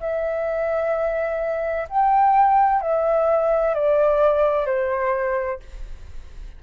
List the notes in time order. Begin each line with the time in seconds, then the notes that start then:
0.00 E5
1.90 G5
2.81 E5
3.75 D5
4.66 C5